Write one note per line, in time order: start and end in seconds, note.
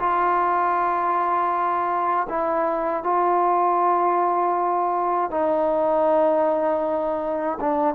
0.00 2.28 F4
2.29 3.03 E4
3.03 5.31 F4
5.31 7.59 D#4
7.61 7.95 D4